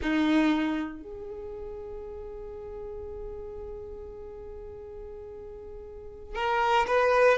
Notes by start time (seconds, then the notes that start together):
0.01 D#4
1.02 G#4
6.35 A#4
6.86 B4